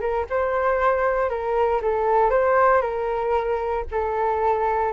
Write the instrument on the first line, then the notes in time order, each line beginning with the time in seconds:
flute
0.00 A#4
0.30 C5
1.29 A#4
1.82 A4
2.30 C5
2.81 A#4
3.91 A4